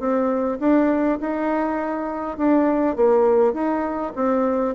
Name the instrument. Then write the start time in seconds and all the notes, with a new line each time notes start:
bassoon
0.00 C4
0.60 D4
1.21 D#4
2.38 D4
2.96 A#3
3.54 D#4
4.16 C4